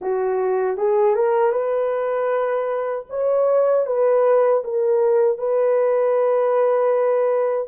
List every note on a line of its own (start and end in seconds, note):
0.01 0.77 F#4
0.77 1.15 G#4
1.15 1.51 A#4
1.51 3.05 B4
3.09 3.86 C#5
3.86 4.63 B4
4.64 5.38 A#4
5.38 7.68 B4